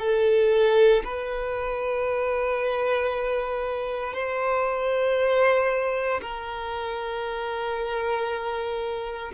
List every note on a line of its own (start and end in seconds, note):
0.00 1.03 A4
1.04 4.14 B4
4.14 6.21 C5
6.22 9.32 A#4